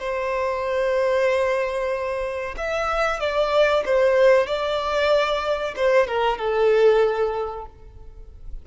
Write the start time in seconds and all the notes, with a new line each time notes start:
0.00 C5
2.57 E5
3.20 D5
3.86 C5
4.47 D5
5.76 C5
6.08 A#4
6.38 A4